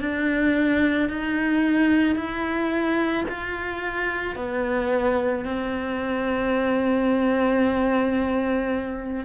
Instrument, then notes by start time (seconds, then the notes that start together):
cello
0.00 D4
1.09 D#4
2.16 E4
3.29 F4
4.35 B3
5.44 C4